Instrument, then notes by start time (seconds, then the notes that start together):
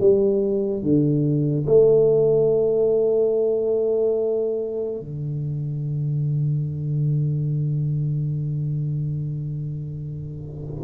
tuba
0.00 G3
0.83 D3
1.67 A3
5.00 D3